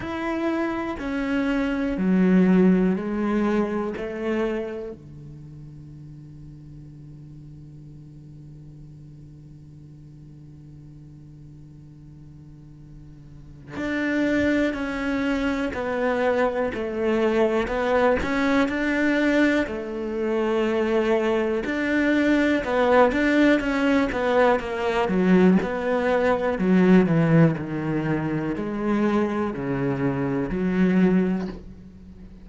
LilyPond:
\new Staff \with { instrumentName = "cello" } { \time 4/4 \tempo 4 = 61 e'4 cis'4 fis4 gis4 | a4 d2.~ | d1~ | d2 d'4 cis'4 |
b4 a4 b8 cis'8 d'4 | a2 d'4 b8 d'8 | cis'8 b8 ais8 fis8 b4 fis8 e8 | dis4 gis4 cis4 fis4 | }